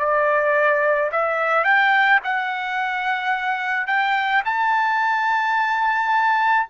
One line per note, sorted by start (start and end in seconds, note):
0.00 1.11 D5
1.12 1.65 E5
1.65 2.20 G5
2.24 3.87 F#5
3.87 4.43 G5
4.45 6.68 A5